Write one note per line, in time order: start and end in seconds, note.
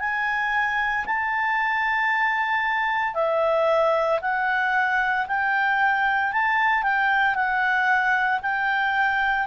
0.00 1.05 G#5
1.06 3.15 A5
3.15 4.20 E5
4.22 5.27 F#5
5.28 6.33 G5
6.33 6.83 A5
6.83 7.35 G5
7.35 8.41 F#5
8.42 9.47 G5